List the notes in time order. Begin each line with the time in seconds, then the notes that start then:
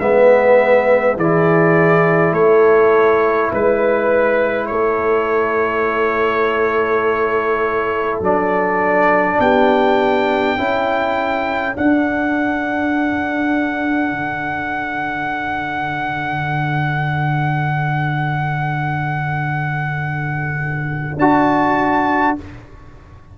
0.00 G#3 B3 B4 E5
1.17 E3 E4 G#4 D5
2.33 A3 A4 C#5
3.52 G#3 B4
4.67 A3 A4 C#5
8.21 F#3 D4 D5
9.39 B3 G4 G5
10.58 C#4 E4 A4
11.74 D4 F#5
14.12 D3
21.17 D4 F#4 A5